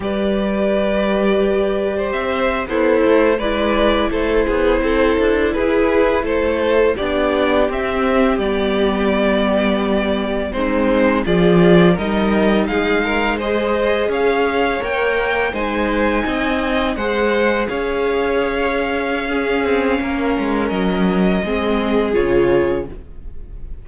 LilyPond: <<
  \new Staff \with { instrumentName = "violin" } { \time 4/4 \tempo 4 = 84 d''2. e''8. c''16~ | c''8. d''4 c''2 b'16~ | b'8. c''4 d''4 e''4 d''16~ | d''2~ d''8. c''4 d''16~ |
d''8. dis''4 f''4 dis''4 f''16~ | f''8. g''4 gis''2 fis''16~ | fis''8. f''2.~ f''16~ | f''4 dis''2 cis''4 | }
  \new Staff \with { instrumentName = "violin" } { \time 4/4 b'2~ b'8. c''4 e'16~ | e'8. b'4 a'8 gis'8 a'4 gis'16~ | gis'8. a'4 g'2~ g'16~ | g'2~ g'8. dis'4 gis'16~ |
gis'8. ais'4 gis'8 ais'8 c''4 cis''16~ | cis''4.~ cis''16 c''4 dis''4 c''16~ | c''8. cis''2~ cis''16 gis'4 | ais'2 gis'2 | }
  \new Staff \with { instrumentName = "viola" } { \time 4/4 g'2.~ g'8. a'16~ | a'8. e'2.~ e'16~ | e'4.~ e'16 d'4 c'4 b16~ | b2~ b8. c'4 f'16~ |
f'8. dis'2 gis'4~ gis'16~ | gis'8. ais'4 dis'2 gis'16~ | gis'2. cis'4~ | cis'2 c'4 f'4 | }
  \new Staff \with { instrumentName = "cello" } { \time 4/4 g2. c'8. b16~ | b16 a8 gis4 a8 b8 c'8 d'8 e'16~ | e'8. a4 b4 c'4 g16~ | g2~ g8. gis4 f16~ |
f8. g4 gis2 cis'16~ | cis'8. ais4 gis4 c'4 gis16~ | gis8. cis'2~ cis'8. c'8 | ais8 gis8 fis4 gis4 cis4 | }
>>